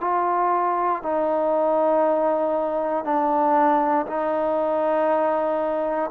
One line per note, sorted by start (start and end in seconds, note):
0.00 1.02 F4
1.02 3.04 D#4
3.04 4.06 D4
4.06 6.10 D#4